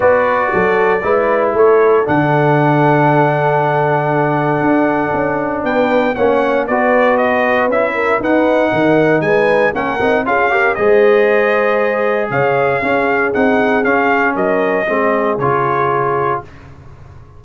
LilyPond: <<
  \new Staff \with { instrumentName = "trumpet" } { \time 4/4 \tempo 4 = 117 d''2. cis''4 | fis''1~ | fis''2. g''4 | fis''4 d''4 dis''4 e''4 |
fis''2 gis''4 fis''4 | f''4 dis''2. | f''2 fis''4 f''4 | dis''2 cis''2 | }
  \new Staff \with { instrumentName = "horn" } { \time 4/4 b'4 a'4 b'4 a'4~ | a'1~ | a'2. b'4 | cis''4 b'2~ b'8 ais'8 |
b'4 ais'4 b'4 ais'4 | gis'8 ais'8 c''2. | cis''4 gis'2. | ais'4 gis'2. | }
  \new Staff \with { instrumentName = "trombone" } { \time 4/4 fis'2 e'2 | d'1~ | d'1 | cis'4 fis'2 e'4 |
dis'2. cis'8 dis'8 | f'8 g'8 gis'2.~ | gis'4 cis'4 dis'4 cis'4~ | cis'4 c'4 f'2 | }
  \new Staff \with { instrumentName = "tuba" } { \time 4/4 b4 fis4 gis4 a4 | d1~ | d4 d'4 cis'4 b4 | ais4 b2 cis'4 |
dis'4 dis4 gis4 ais8 c'8 | cis'4 gis2. | cis4 cis'4 c'4 cis'4 | fis4 gis4 cis2 | }
>>